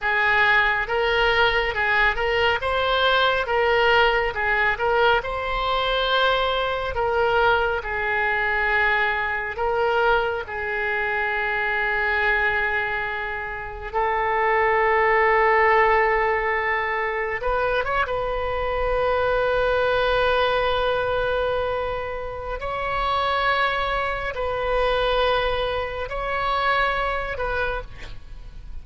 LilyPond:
\new Staff \with { instrumentName = "oboe" } { \time 4/4 \tempo 4 = 69 gis'4 ais'4 gis'8 ais'8 c''4 | ais'4 gis'8 ais'8 c''2 | ais'4 gis'2 ais'4 | gis'1 |
a'1 | b'8 cis''16 b'2.~ b'16~ | b'2 cis''2 | b'2 cis''4. b'8 | }